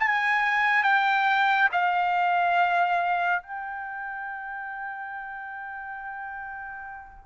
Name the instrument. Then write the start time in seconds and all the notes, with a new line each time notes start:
trumpet
0.00 G#5
0.84 G5
1.73 F5
3.43 G5